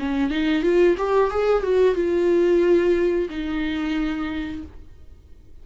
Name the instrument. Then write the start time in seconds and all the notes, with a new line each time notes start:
viola
0.00 C#4
0.31 D#4
0.63 F4
0.98 G4
1.31 G#4
1.63 F#4
1.95 F4
3.30 D#4